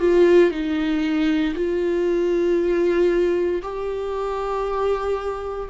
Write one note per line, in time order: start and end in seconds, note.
0.00 0.51 F4
0.51 1.55 D#4
1.55 3.62 F4
3.63 5.70 G4